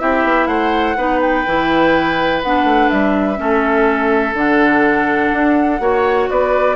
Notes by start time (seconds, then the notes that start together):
0.00 C4 E4 G4 E5
0.24 B3
0.47 A3 C5 F#5
0.97 B3 D#4 B4
1.22 G5
1.47 E3 E4
2.43 B3 D4 F#5
2.64 A3
2.90 G3 E5
3.37 A3 C#4 A4
4.34 D3 D4 F#5
5.33 D4
5.80 A#3 F#4 C#5
6.30 B3 B4 D5